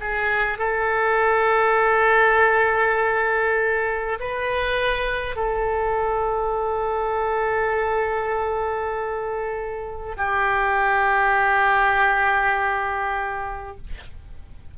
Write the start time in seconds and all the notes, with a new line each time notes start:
0.00 G#4
0.58 A4
4.19 B4
5.36 A4
10.17 G4